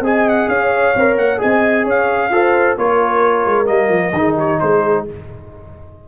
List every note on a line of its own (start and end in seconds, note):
0.00 0.46 C4
0.00 0.95 G#4
0.00 0.49 D#5
0.00 0.28 G#5
0.28 0.48 F#5
0.48 0.93 C#4
0.48 1.40 C#5
0.48 1.17 F5
0.95 1.17 C4
0.95 1.38 A#4
1.17 1.40 A#3
1.17 1.41 F#5
1.38 1.85 C4
1.38 2.29 G#4
1.38 1.84 D#5
1.38 1.87 G#5
1.84 2.30 C#4
1.84 2.30 C#5
1.84 2.77 F5
2.30 2.76 F4
2.30 2.77 A4
2.30 2.79 C5
2.77 3.46 A#3
2.77 3.65 F4
2.77 4.16 A#4
2.77 3.66 C#5
3.46 3.68 G#3
3.65 3.89 G3
3.65 4.11 A#3
3.65 4.35 D#5
3.89 4.12 F3
4.12 4.58 D#3
4.12 5.07 D#4
4.12 4.36 G#4
4.36 4.59 G4
4.36 4.59 C#5
4.59 5.08 G#3
4.59 5.08 G#4
4.59 5.05 C5